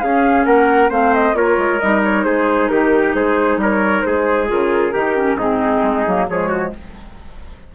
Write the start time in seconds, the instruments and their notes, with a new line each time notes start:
0.00 clarinet C#4, bassoon C#4, trumpet G#4, flute F5
0.45 bassoon A#3, trumpet A#4, flute F#5
0.90 bassoon A3, clarinet C4, trumpet C5, flute F5
1.14 flute D#5
1.34 bassoon A#3, clarinet F4, trumpet A#4, flute C#5
1.58 bassoon G#3
1.80 bassoon G3, clarinet D#4, flute D#5
2.04 flute C#5
2.23 bassoon G#3, trumpet G#4, flute C5
2.68 bassoon D#3, trumpet G4, flute A#4
3.15 bassoon G#3, trumpet G#4, flute C5
3.57 bassoon G3, trumpet A#4, flute C#5
4.02 bassoon G#3, trumpet G#4, flute C5
4.47 bassoon C#3, clarinet F4, flute A#4
4.93 bassoon D#3, clarinet D#4, trumpet G4
5.16 clarinet C#4
5.35 bassoon G#2, clarinet C4, trumpet D#4, flute G#4
5.83 bassoon G#3
6.07 bassoon F#3, clarinet A#3
6.29 bassoon F3, clarinet G#3, trumpet G#4, flute C#5
6.49 trumpet F#4